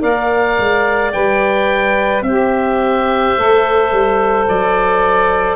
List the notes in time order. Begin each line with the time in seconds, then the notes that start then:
0.00 A#3 A#4 D5 F5
0.59 G#3
1.12 G3 B4 G5
2.22 C4 G4 C5 E5
3.37 A3 A4
3.92 G3
4.48 F#3 D5